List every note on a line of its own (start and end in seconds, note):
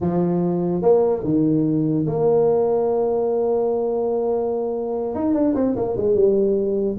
0.00 0.81 F3
0.81 1.23 A#3
1.23 2.06 D#3
2.06 5.14 A#3
5.15 5.33 D#4
5.33 5.54 D4
5.55 5.75 C4
5.75 5.96 A#3
5.96 6.14 G#3
6.14 6.97 G3